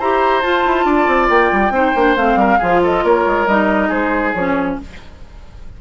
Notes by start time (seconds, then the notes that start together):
0.00 E4 G4 C5 A#5
0.42 F4 A5
0.66 E4
0.85 D4 D5
1.07 C4
1.30 A#3 G5
1.52 G3
1.71 C4 D#4 C5
1.95 A#3 D4
2.16 A3 C4 F5
2.36 G3 A#4
2.59 F3 F4 G#4
2.84 A4 D#5
3.04 A#3 A#4 C#5
3.27 G#3
3.47 G3 D#4 D#5
3.89 G#3 G#4 C5
4.34 F3 C#4 C#5